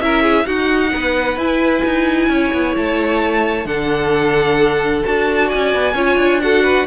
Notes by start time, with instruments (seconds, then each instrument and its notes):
0.00 cello C#4, viola E4, violin A#4 E5
0.23 violin G#4
0.46 cello D#4, viola D#4, violin F#4 F#5
0.91 cello B3, violin B4
1.37 cello E4, viola E4, violin G#5
1.85 cello D#4
2.29 cello C#4, violin C#5
2.53 cello B3
2.76 cello A3, violin A5
3.65 cello D3, viola D4, violin A4 F#5
5.03 cello D4, viola F#4, violin A5
5.48 violin D5 G#5
5.55 cello C#4
5.75 cello B3
5.94 cello C#4, viola F4, violin C#5
6.16 cello D4
6.41 viola F#4, violin A4 F#5
6.63 violin B4